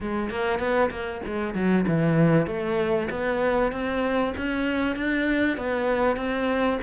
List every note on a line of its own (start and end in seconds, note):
0.00 0.30 G#3
0.30 0.59 A#3
0.59 0.90 B3
0.90 1.21 A#3
1.26 1.54 G#3
1.54 1.85 F#3
1.87 2.47 E3
2.47 3.08 A3
3.10 3.71 B3
3.71 4.33 C4
4.37 4.95 C#4
4.95 5.57 D4
5.57 6.16 B3
6.16 6.78 C4